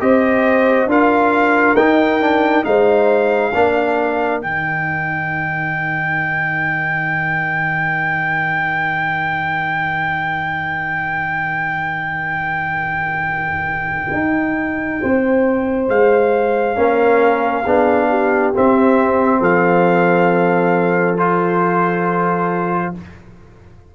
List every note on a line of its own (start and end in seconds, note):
0.00 0.87 C4
0.00 0.88 G4
0.00 0.90 C5
0.00 0.89 D#5
0.87 1.75 D4
0.87 1.77 F4
0.87 2.66 A#4
0.87 1.76 F5
1.76 2.64 D#4
1.76 2.21 D#4
1.76 2.64 G5
2.21 2.64 D4
2.64 3.54 G#3
2.64 3.52 D#4
2.64 3.55 C5
2.64 4.42 F5
3.55 4.43 A#3
3.55 4.42 D4
3.55 15.02 A#4
4.42 14.13 D#3
4.42 16.76 D#4
4.42 15.89 G5
14.13 15.01 D#4
15.02 15.89 C4
15.02 16.78 C5
15.89 16.77 G#3
15.89 18.54 F5
16.76 17.66 A#3
16.76 17.64 C#4
16.76 17.64 A#4
17.64 18.54 B3
17.64 18.54 D4
17.64 18.08 G#4
18.10 19.40 G4
18.54 21.18 C4
18.54 19.41 C4
18.54 19.43 E5
19.40 22.94 F3
19.40 22.93 A4
19.40 21.19 F5
21.18 22.94 F4
21.18 22.95 C5